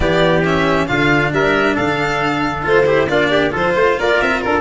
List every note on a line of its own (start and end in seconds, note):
0.00 0.87 E3
0.00 0.43 B3
0.00 0.88 G4
0.00 0.44 D5
0.44 0.87 C#4
0.44 0.87 E5
0.87 1.32 D3
0.87 2.62 D4
0.87 1.32 F4
0.87 1.31 F5
1.32 1.76 G3
1.32 1.75 A#4
1.32 1.76 E5
1.75 2.65 D3
1.75 2.85 A4
1.75 2.64 F5
2.62 3.09 A3
2.62 2.84 F4
2.62 3.08 C5
2.85 3.07 E4
2.85 3.09 G4
3.08 3.53 A#3
3.08 3.50 D4
3.08 3.30 F4
3.08 3.52 D5
3.30 3.51 G4
3.50 3.74 F3
3.50 4.60 F4
3.50 3.73 A4
3.50 3.99 C5
3.74 3.96 A3
3.74 3.97 C5
3.98 4.20 A#3
3.98 4.43 A#4
3.98 4.21 D5
4.21 4.43 C4
4.21 4.41 E5
4.41 4.60 D4
4.41 4.60 A4
4.41 4.60 A#4